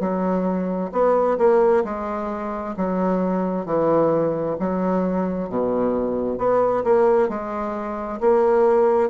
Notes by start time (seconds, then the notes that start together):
0.00 F#3
0.92 B3
1.38 A#3
1.84 G#3
2.77 F#3
3.66 E3
4.60 F#3
5.49 B2
6.38 B3
6.84 A#3
7.29 G#3
8.21 A#3